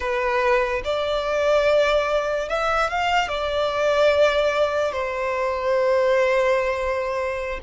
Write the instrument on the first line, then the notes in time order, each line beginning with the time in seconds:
violin
0.00 B4
0.84 D5
2.48 E5
2.90 F5
3.28 D5
4.92 C5